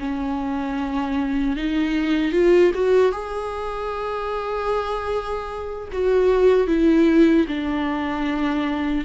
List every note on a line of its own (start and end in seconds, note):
0.00 1.57 C#4
1.57 2.33 D#4
2.33 2.72 F4
2.74 3.13 F#4
3.13 5.89 G#4
5.92 6.67 F#4
6.67 7.46 E4
7.48 9.05 D4